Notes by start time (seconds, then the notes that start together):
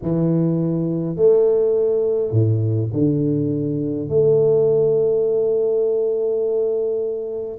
0.02 E3
1.15 A3
2.31 A2
2.92 D3
4.09 A3